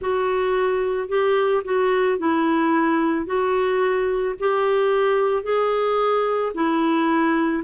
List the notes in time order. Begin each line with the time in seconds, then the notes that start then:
0.00 F#4
1.08 G4
1.64 F#4
2.18 E4
3.25 F#4
4.39 G4
5.43 G#4
6.54 E4